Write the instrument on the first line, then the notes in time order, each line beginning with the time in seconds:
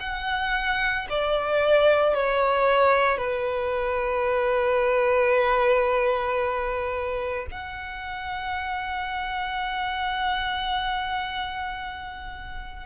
violin
0.00 F#5
1.10 D5
2.14 C#5
3.18 B4
7.51 F#5